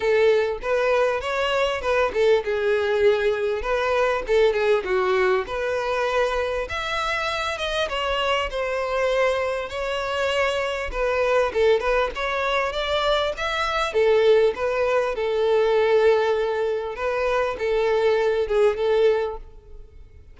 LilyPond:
\new Staff \with { instrumentName = "violin" } { \time 4/4 \tempo 4 = 99 a'4 b'4 cis''4 b'8 a'8 | gis'2 b'4 a'8 gis'8 | fis'4 b'2 e''4~ | e''8 dis''8 cis''4 c''2 |
cis''2 b'4 a'8 b'8 | cis''4 d''4 e''4 a'4 | b'4 a'2. | b'4 a'4. gis'8 a'4 | }